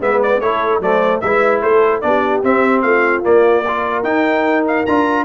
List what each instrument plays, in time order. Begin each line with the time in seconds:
0.00 tuba G#3, trombone B3, horn B4, trumpet E5
0.22 trumpet D5
0.41 tuba A3, trombone E4, horn A4, trumpet C#5
0.80 tuba F#3, trombone A3, horn C5, trumpet D5
1.20 tuba G#3, trombone E4, horn B4, trumpet E5
1.62 tuba A3, horn A4, trumpet C5
2.01 tuba B3, trombone D4, horn G4, trumpet D5
2.43 tuba C4, trombone C4, trumpet E5
2.82 tuba A3, horn F4, trumpet F5
3.23 trombone A#3, tuba A#3, trumpet D5
3.64 trombone F4, horn A#4
4.03 tuba D#4, trombone D#4, trumpet G5
4.67 trumpet F5
4.86 tuba D4, trombone F4, trumpet A#5